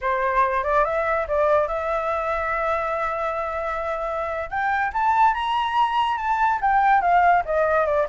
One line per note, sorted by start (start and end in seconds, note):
0.01 0.63 C5
0.63 0.84 D5
0.84 1.26 E5
1.27 1.67 D5
1.67 4.50 E5
4.50 4.92 G5
4.93 5.34 A5
5.34 6.17 A#5
6.17 6.59 A5
6.61 7.01 G5
7.01 7.43 F5
7.45 7.85 D#5
7.85 8.06 D5